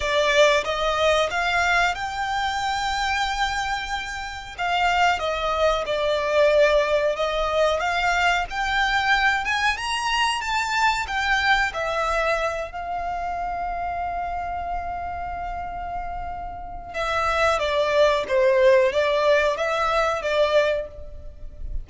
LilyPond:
\new Staff \with { instrumentName = "violin" } { \time 4/4 \tempo 4 = 92 d''4 dis''4 f''4 g''4~ | g''2. f''4 | dis''4 d''2 dis''4 | f''4 g''4. gis''8 ais''4 |
a''4 g''4 e''4. f''8~ | f''1~ | f''2 e''4 d''4 | c''4 d''4 e''4 d''4 | }